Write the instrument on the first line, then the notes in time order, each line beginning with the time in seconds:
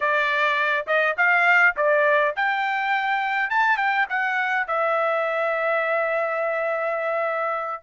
trumpet
0.00 D5
0.87 D#5
1.17 F5
1.76 D5
2.36 G5
3.50 A5
3.77 G5
4.09 F#5
4.67 E5